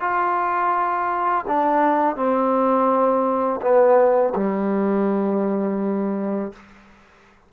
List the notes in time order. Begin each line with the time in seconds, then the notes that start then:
0.00 F4
1.47 D4
2.16 C4
3.61 B3
4.35 G3